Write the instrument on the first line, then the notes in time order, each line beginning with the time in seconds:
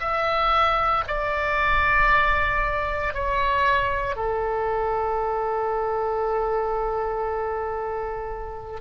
oboe
0.00 E5
1.08 D5
3.14 C#5
4.16 A4